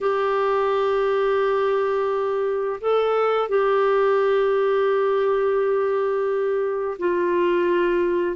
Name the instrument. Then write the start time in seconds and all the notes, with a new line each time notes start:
clarinet
0.01 G4
2.80 A4
3.48 G4
6.98 F4